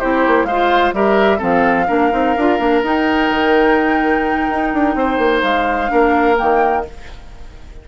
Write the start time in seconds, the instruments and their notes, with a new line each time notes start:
0.00 bassoon C4, clarinet E4, oboe G4, flute C5
0.28 bassoon A#3
0.45 bassoon G#3, oboe C5, flute F5
0.52 clarinet F4
0.94 bassoon G3, clarinet G4, oboe A#4, flute E5
1.38 bassoon F3, clarinet C4, oboe A4, flute F5
1.88 bassoon A#3, clarinet D4, oboe A#4
2.12 bassoon C4, clarinet D#4
2.37 bassoon D4, clarinet F4
2.59 bassoon A#3, clarinet D4
2.83 bassoon D#4, clarinet D#4, flute G5
3.31 bassoon D#3
4.50 bassoon D#4
4.74 bassoon D4
4.95 bassoon C4, oboe C5
5.19 bassoon A#3
5.42 bassoon G#3, flute F5
5.88 bassoon A#3, clarinet D4, oboe A#4
6.37 bassoon D#3, clarinet A#3, flute G5